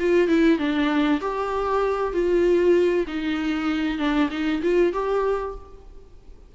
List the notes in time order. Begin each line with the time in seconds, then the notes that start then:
0.00 F4
0.28 E4
0.59 D4
1.21 G4
2.14 F4
3.08 D#4
3.99 D4
4.31 D#4
4.63 F4
4.93 G4